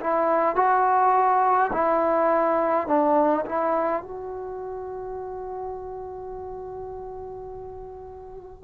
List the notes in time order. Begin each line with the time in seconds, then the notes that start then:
0.00 E4
0.55 F#4
1.72 E4
2.87 D4
3.45 E4
4.02 F#4